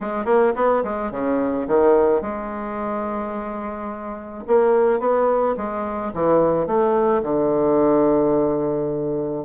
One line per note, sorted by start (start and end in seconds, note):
0.01 0.25 G#3
0.25 0.53 A#3
0.55 0.83 B3
0.84 1.11 G#3
1.11 1.66 C#3
1.67 2.21 D#3
2.21 4.43 G#3
4.47 4.99 A#3
4.99 5.55 B3
5.56 6.12 G#3
6.13 6.66 E3
6.66 7.22 A3
7.22 9.45 D3